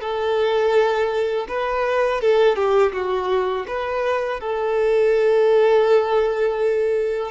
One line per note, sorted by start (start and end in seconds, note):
0.00 1.46 A4
1.48 2.21 B4
2.21 2.55 A4
2.55 2.92 G4
2.92 3.66 F#4
3.67 4.40 B4
4.40 7.31 A4